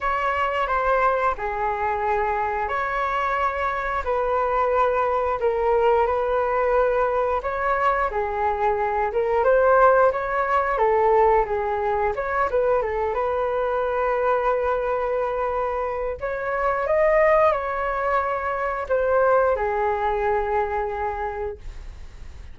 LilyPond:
\new Staff \with { instrumentName = "flute" } { \time 4/4 \tempo 4 = 89 cis''4 c''4 gis'2 | cis''2 b'2 | ais'4 b'2 cis''4 | gis'4. ais'8 c''4 cis''4 |
a'4 gis'4 cis''8 b'8 a'8 b'8~ | b'1 | cis''4 dis''4 cis''2 | c''4 gis'2. | }